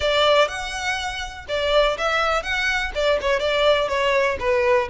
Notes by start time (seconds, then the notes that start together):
0.00 D5
0.48 F#5
1.48 D5
1.97 E5
2.42 F#5
2.94 D5
3.21 C#5
3.39 D5
3.88 C#5
4.39 B4